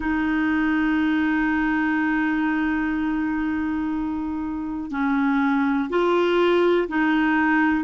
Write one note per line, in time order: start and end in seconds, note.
0.00 4.90 D#4
4.90 5.89 C#4
5.89 6.88 F4
6.88 7.84 D#4